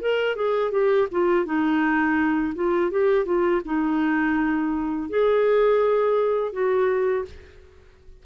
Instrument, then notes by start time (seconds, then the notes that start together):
clarinet
0.00 A#4
0.35 G#4
0.71 G4
1.11 F4
1.45 D#4
2.55 F4
2.90 G4
3.25 F4
3.64 D#4
5.09 G#4
6.52 F#4